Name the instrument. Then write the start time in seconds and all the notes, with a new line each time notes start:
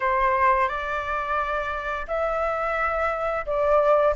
flute
0.00 C5
0.68 D5
2.07 E5
3.45 D5